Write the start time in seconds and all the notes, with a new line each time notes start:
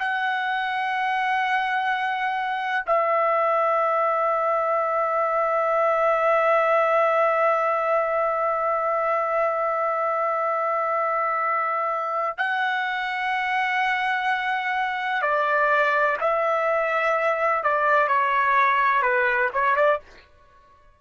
0.00 F#5
2.87 E5
12.39 F#5
15.23 D5
16.21 E5
17.64 D5
18.09 C#5
19.03 B4
19.54 C#5
19.76 D5